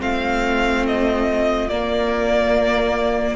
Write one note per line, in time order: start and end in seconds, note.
0.00 1.69 A3
0.00 1.69 C4
0.00 3.36 F4
0.00 0.86 F5
0.87 1.69 D#5
1.69 3.36 A#3
1.69 3.36 D5